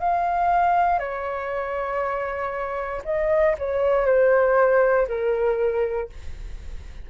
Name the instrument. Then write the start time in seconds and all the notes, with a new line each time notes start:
flute
0.00 F5
0.99 C#5
3.05 D#5
3.59 C#5
4.06 C5
5.08 A#4